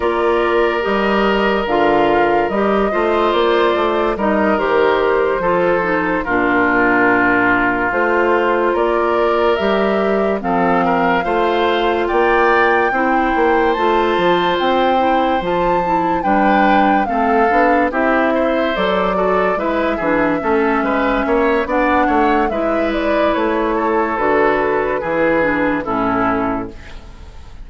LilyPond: <<
  \new Staff \with { instrumentName = "flute" } { \time 4/4 \tempo 4 = 72 d''4 dis''4 f''4 dis''4 | d''4 dis''8 c''2 ais'8~ | ais'4. c''4 d''4 e''8~ | e''8 f''2 g''4.~ |
g''8 a''4 g''4 a''4 g''8~ | g''8 f''4 e''4 d''4 e''8~ | e''2 fis''4 e''8 d''8 | cis''4 b'2 a'4 | }
  \new Staff \with { instrumentName = "oboe" } { \time 4/4 ais'2.~ ais'8 c''8~ | c''4 ais'4. a'4 f'8~ | f'2~ f'8 ais'4.~ | ais'8 a'8 ais'8 c''4 d''4 c''8~ |
c''2.~ c''8 b'8~ | b'8 a'4 g'8 c''4 a'8 b'8 | gis'8 a'8 b'8 cis''8 d''8 cis''8 b'4~ | b'8 a'4. gis'4 e'4 | }
  \new Staff \with { instrumentName = "clarinet" } { \time 4/4 f'4 g'4 f'4 g'8 f'8~ | f'4 dis'8 g'4 f'8 dis'8 d'8~ | d'4. f'2 g'8~ | g'8 c'4 f'2 e'8~ |
e'8 f'4. e'8 f'8 e'8 d'8~ | d'8 c'8 d'8 e'4 a'8 fis'8 e'8 | d'8 cis'4. d'4 e'4~ | e'4 fis'4 e'8 d'8 cis'4 | }
  \new Staff \with { instrumentName = "bassoon" } { \time 4/4 ais4 g4 d4 g8 a8 | ais8 a8 g8 dis4 f4 ais,8~ | ais,4. a4 ais4 g8~ | g8 f4 a4 ais4 c'8 |
ais8 a8 f8 c'4 f4 g8~ | g8 a8 b8 c'4 fis4 gis8 | e8 a8 gis8 ais8 b8 a8 gis4 | a4 d4 e4 a,4 | }
>>